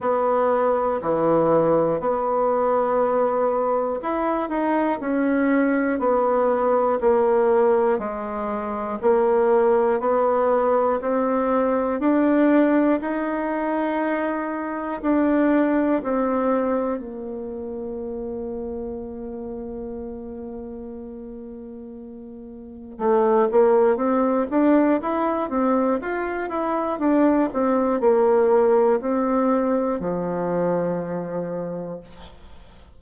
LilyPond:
\new Staff \with { instrumentName = "bassoon" } { \time 4/4 \tempo 4 = 60 b4 e4 b2 | e'8 dis'8 cis'4 b4 ais4 | gis4 ais4 b4 c'4 | d'4 dis'2 d'4 |
c'4 ais2.~ | ais2. a8 ais8 | c'8 d'8 e'8 c'8 f'8 e'8 d'8 c'8 | ais4 c'4 f2 | }